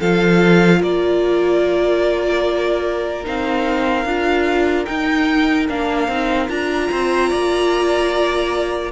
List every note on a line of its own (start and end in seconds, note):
0.00 0.82 F3
0.00 3.24 F4
0.00 0.79 A4
0.00 0.82 F5
0.79 3.26 A#3
0.79 6.87 A#4
0.79 3.26 D5
3.24 4.05 C4
3.24 4.05 D#4
3.24 4.85 F5
4.05 4.86 D4
4.05 4.86 F4
4.85 5.68 D#4
4.85 5.69 D#4
4.85 5.66 G5
5.69 6.08 A#3
5.69 6.10 D4
5.69 6.49 F5
6.08 6.48 C4
6.08 6.49 D#4
6.49 6.90 D4
6.49 8.91 F4
6.49 8.91 A#5
6.90 7.32 C4
6.90 7.29 C5
7.29 8.91 A#3
7.29 8.91 D5